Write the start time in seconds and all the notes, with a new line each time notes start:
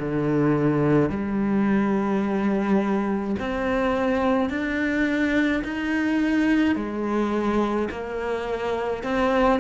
0.00 D3
1.10 G3
3.40 C4
4.50 D4
5.64 D#4
6.76 G#3
7.91 A#3
9.04 C4